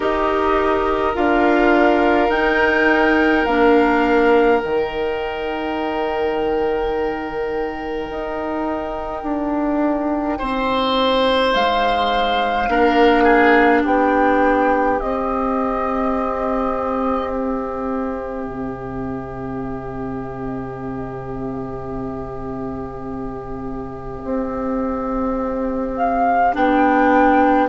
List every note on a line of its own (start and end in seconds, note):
0.00 1.15 D#4
0.00 1.14 G4
0.00 10.37 A#4
0.00 1.15 D#5
1.14 2.29 D4
1.14 2.29 F4
1.14 2.30 F5
2.29 3.44 D#4
2.29 3.47 D#4
2.29 3.45 G5
3.45 4.61 A#3
3.45 4.63 D4
3.45 4.58 F5
4.58 8.09 D#3
4.58 12.69 D#4
4.58 11.50 G5
8.09 9.23 D#4
9.23 10.38 D4
10.38 11.54 C4
10.38 12.69 C5
11.53 12.68 G#3
11.53 13.84 F5
12.68 13.83 A#3
12.68 14.99 D4
12.68 13.23 A#4
13.23 13.81 G#4
13.81 15.00 B3
13.81 27.66 G4
13.81 15.00 G5
14.99 26.53 C4
14.99 18.46 C4
14.99 17.30 D#5
17.30 25.95 E5
18.46 24.23 C3
24.24 26.54 C4
25.96 26.54 F5
26.53 27.68 B3
26.53 27.68 D4
26.53 27.68 G5